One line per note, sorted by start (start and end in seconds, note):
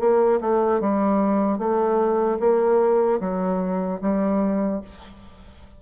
0.00 0.40 A#3
0.41 0.81 A3
0.81 1.59 G3
1.59 2.39 A3
2.40 3.20 A#3
3.20 4.00 F#3
4.01 4.81 G3